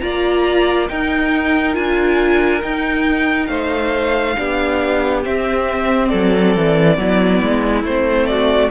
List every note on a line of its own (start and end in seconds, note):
0.00 0.89 A#3
0.00 0.89 F4
0.00 0.90 D5
0.00 0.87 A#5
0.89 1.74 D#4
0.89 1.76 D#4
0.89 3.49 A#4
0.89 1.75 G5
1.74 2.63 D4
1.74 2.61 F4
1.74 2.62 G#5
2.62 4.36 D#4
2.62 3.49 D#4
2.62 3.47 G5
3.47 4.36 A3
3.47 4.36 C5
3.47 5.20 F5
4.37 5.26 B3
4.37 5.24 D4
4.37 6.09 G4
5.24 6.97 C4
5.24 6.13 C4
5.24 6.08 E5
6.08 6.56 F#3
6.08 6.96 A4
6.08 7.82 D5
6.56 6.98 E3
6.98 7.41 F#3
6.98 7.85 B3
6.98 8.30 E4
7.41 7.84 G#3
7.84 8.70 A3
7.84 8.70 C4
7.84 8.26 C5
8.26 8.70 F#4
8.26 8.70 D5